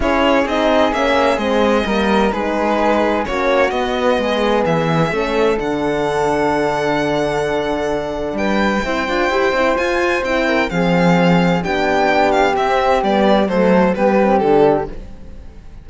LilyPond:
<<
  \new Staff \with { instrumentName = "violin" } { \time 4/4 \tempo 4 = 129 cis''4 dis''4 e''4 dis''4~ | dis''4 b'2 cis''4 | dis''2 e''2 | fis''1~ |
fis''2 g''2~ | g''4 gis''4 g''4 f''4~ | f''4 g''4. f''8 e''4 | d''4 c''4 b'4 a'4 | }
  \new Staff \with { instrumentName = "flute" } { \time 4/4 gis'1 | ais'4 gis'2 fis'4~ | fis'4 gis'2 a'4~ | a'1~ |
a'2 b'4 c''4~ | c''2~ c''8 ais'8 gis'4~ | gis'4 g'2.~ | g'4 a'4 g'2 | }
  \new Staff \with { instrumentName = "horn" } { \time 4/4 e'4 dis'4 cis'4 c'4 | ais4 dis'2 cis'4 | b2. cis'4 | d'1~ |
d'2. e'8 f'8 | g'8 e'8 f'4 e'4 c'4~ | c'4 d'2 c'4 | b4 a4 b8 c'8 d'4 | }
  \new Staff \with { instrumentName = "cello" } { \time 4/4 cis'4 c'4 ais4 gis4 | g4 gis2 ais4 | b4 gis4 e4 a4 | d1~ |
d2 g4 c'8 d'8 | e'8 c'8 f'4 c'4 f4~ | f4 b2 c'4 | g4 fis4 g4 d4 | }
>>